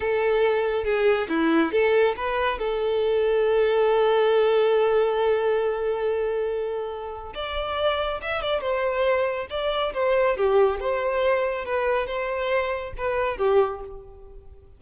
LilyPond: \new Staff \with { instrumentName = "violin" } { \time 4/4 \tempo 4 = 139 a'2 gis'4 e'4 | a'4 b'4 a'2~ | a'1~ | a'1~ |
a'4 d''2 e''8 d''8 | c''2 d''4 c''4 | g'4 c''2 b'4 | c''2 b'4 g'4 | }